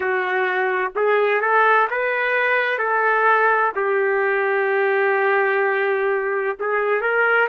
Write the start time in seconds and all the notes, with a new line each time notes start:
0.00 F#4
0.95 G#4
1.41 A4
1.90 B4
2.78 A4
3.75 G4
6.59 G#4
7.01 A#4